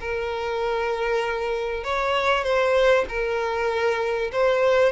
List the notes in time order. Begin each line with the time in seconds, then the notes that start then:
0.00 A#4
1.83 C#5
2.43 C5
3.08 A#4
4.32 C5